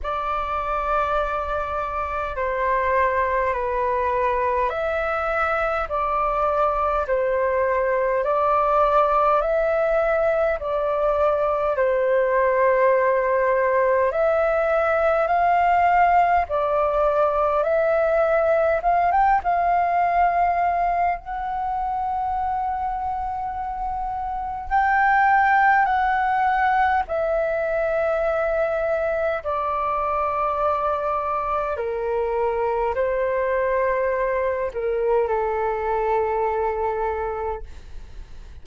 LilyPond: \new Staff \with { instrumentName = "flute" } { \time 4/4 \tempo 4 = 51 d''2 c''4 b'4 | e''4 d''4 c''4 d''4 | e''4 d''4 c''2 | e''4 f''4 d''4 e''4 |
f''16 g''16 f''4. fis''2~ | fis''4 g''4 fis''4 e''4~ | e''4 d''2 ais'4 | c''4. ais'8 a'2 | }